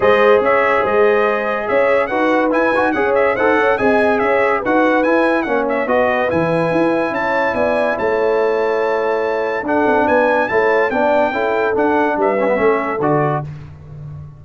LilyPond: <<
  \new Staff \with { instrumentName = "trumpet" } { \time 4/4 \tempo 4 = 143 dis''4 e''4 dis''2 | e''4 fis''4 gis''4 fis''8 e''8 | fis''4 gis''4 e''4 fis''4 | gis''4 fis''8 e''8 dis''4 gis''4~ |
gis''4 a''4 gis''4 a''4~ | a''2. fis''4 | gis''4 a''4 g''2 | fis''4 e''2 d''4 | }
  \new Staff \with { instrumentName = "horn" } { \time 4/4 c''4 cis''4 c''2 | cis''4 b'2 cis''4 | c''8 cis''8 dis''4 cis''4 b'4~ | b'4 cis''4 b'2~ |
b'4 cis''4 d''4 cis''4~ | cis''2. a'4 | b'4 cis''4 d''4 a'4~ | a'4 b'4 a'2 | }
  \new Staff \with { instrumentName = "trombone" } { \time 4/4 gis'1~ | gis'4 fis'4 e'8 fis'8 gis'4 | a'4 gis'2 fis'4 | e'4 cis'4 fis'4 e'4~ |
e'1~ | e'2. d'4~ | d'4 e'4 d'4 e'4 | d'4. cis'16 b16 cis'4 fis'4 | }
  \new Staff \with { instrumentName = "tuba" } { \time 4/4 gis4 cis'4 gis2 | cis'4 dis'4 e'8 dis'8 cis'4 | dis'8 cis'8 c'4 cis'4 dis'4 | e'4 ais4 b4 e4 |
e'4 cis'4 b4 a4~ | a2. d'8 c'8 | b4 a4 b4 cis'4 | d'4 g4 a4 d4 | }
>>